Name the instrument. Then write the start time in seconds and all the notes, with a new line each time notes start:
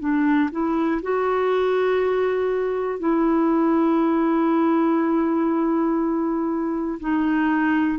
clarinet
0.00 D4
0.51 E4
1.03 F#4
3.00 E4
7.00 D#4